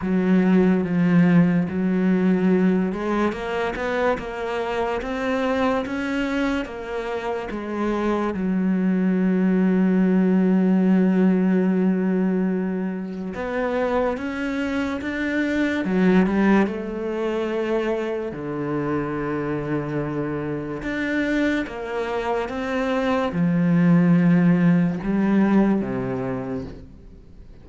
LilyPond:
\new Staff \with { instrumentName = "cello" } { \time 4/4 \tempo 4 = 72 fis4 f4 fis4. gis8 | ais8 b8 ais4 c'4 cis'4 | ais4 gis4 fis2~ | fis1 |
b4 cis'4 d'4 fis8 g8 | a2 d2~ | d4 d'4 ais4 c'4 | f2 g4 c4 | }